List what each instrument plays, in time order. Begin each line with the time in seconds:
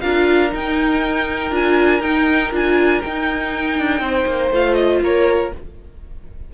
0.00 cello D4, viola F4, violin A#4 F5
0.49 viola D#4, cello D#4, violin G5
1.50 cello D4, viola F4, violin G#5
2.00 cello D#4, viola D#4, violin G5
2.51 cello D4, viola F4, violin G#5
3.01 cello D#4, viola D#4, violin G5
3.78 cello D4
3.99 cello C4, violin C5
4.26 cello A#3
4.50 cello A3, viola F4, violin F5
4.73 violin D#5
5.01 cello A#3, violin A#4 C#5